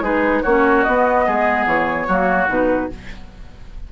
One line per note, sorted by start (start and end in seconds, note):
0.00 0.41 G#3
0.00 0.43 D#4
0.00 0.42 G#4
0.00 0.42 B4
0.42 0.86 A#3
0.42 0.87 C#4
0.42 1.25 F#4
0.42 0.83 C#5
0.83 1.27 B3
0.83 2.09 B3
0.83 1.65 D#5
1.26 1.65 G#3
1.26 2.07 G#4
1.65 2.07 E3
1.65 2.49 C#5
2.07 2.48 F#3
2.07 2.48 A#3
2.07 2.89 F#4
2.48 2.89 B2
2.48 2.89 D#4
2.48 2.92 B4